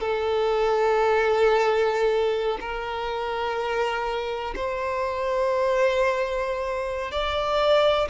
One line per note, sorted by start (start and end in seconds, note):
0.00 2.58 A4
2.61 4.54 A#4
4.55 7.11 C5
7.11 8.08 D5